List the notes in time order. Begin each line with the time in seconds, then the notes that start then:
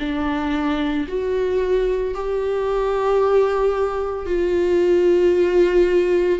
0.00 D4
1.08 F#4
2.15 G4
4.26 F4